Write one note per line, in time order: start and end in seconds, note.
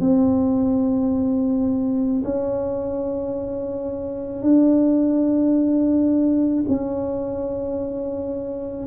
0.00 2.22 C4
2.24 4.42 C#4
4.42 6.64 D4
6.68 8.86 C#4